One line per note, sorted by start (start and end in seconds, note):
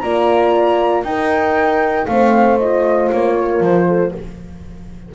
0.00 1.03 A#3
0.00 1.05 F4
0.00 1.05 D5
0.00 1.03 A#5
1.03 2.06 D#4
1.03 2.07 D#4
1.03 2.09 A#4
1.03 2.06 G5
2.06 3.10 A3
2.06 2.60 C4
2.06 3.37 C5
2.06 2.58 F5
2.58 4.14 F4
2.58 3.10 D#5
3.12 3.60 A#3
3.12 3.63 C#5
3.39 3.87 A#4
3.60 4.11 F3
3.60 4.14 C5
3.87 4.13 A4